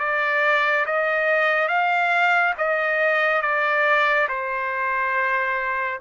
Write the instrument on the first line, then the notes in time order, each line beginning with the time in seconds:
trumpet
0.00 D5
0.86 D#5
1.68 F5
2.58 D#5
3.42 D5
4.29 C5